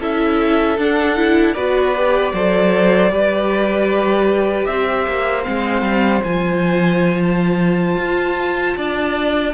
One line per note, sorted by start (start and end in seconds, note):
0.00 0.78 C#4
0.00 0.78 E4
0.00 1.54 A4
0.00 0.80 E5
0.78 1.56 D4
0.78 1.16 D4
0.78 1.54 F#5
1.16 1.55 E4
1.54 2.33 B3
1.54 1.95 F#4
1.54 2.32 B4
1.54 4.65 D5
1.96 2.35 G4
2.33 3.11 F#3
2.33 3.10 A4
2.33 3.12 C5
3.10 4.67 G3
3.10 5.44 G4
3.10 4.68 B4
4.65 5.06 C4
4.65 8.77 C5
4.65 5.43 E5
5.07 5.46 A#3
5.44 5.82 G#3
5.44 6.22 C4
5.44 6.22 F5
5.82 6.21 G3
6.23 7.97 F3
6.23 9.54 F4
6.23 7.21 G#5
7.23 9.54 A5
7.97 8.75 F4
8.77 9.54 D4
8.77 9.54 D5